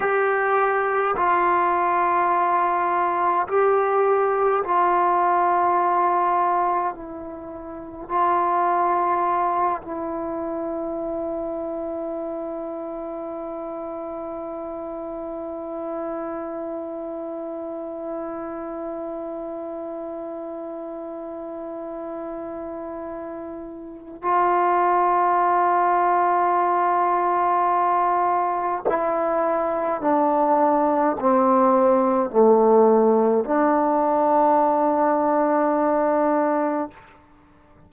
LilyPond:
\new Staff \with { instrumentName = "trombone" } { \time 4/4 \tempo 4 = 52 g'4 f'2 g'4 | f'2 e'4 f'4~ | f'8 e'2.~ e'8~ | e'1~ |
e'1~ | e'4 f'2.~ | f'4 e'4 d'4 c'4 | a4 d'2. | }